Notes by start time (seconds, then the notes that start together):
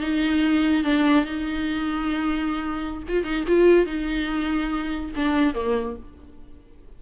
0.00 D#4
0.84 D4
1.25 D#4
3.08 F4
3.24 D#4
3.47 F4
3.85 D#4
5.16 D4
5.54 A#3